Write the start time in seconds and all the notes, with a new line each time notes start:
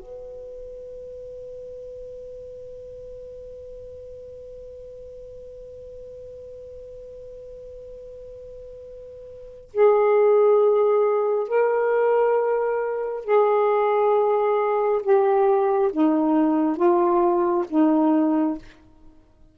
0.00 B4
9.74 G#4
11.49 A#4
13.25 G#4
15.03 G4
15.93 D#4
16.77 F4
17.70 D#4